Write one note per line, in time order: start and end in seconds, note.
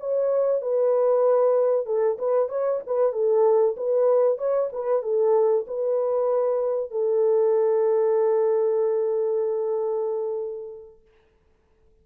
0.00 0.62 C#5
0.62 1.86 B4
1.86 2.18 A4
2.19 2.49 B4
2.49 2.81 C#5
2.87 3.13 B4
3.13 3.76 A4
3.77 4.38 B4
4.38 4.70 C#5
4.73 5.03 B4
5.03 5.66 A4
5.67 6.91 B4
6.91 11.02 A4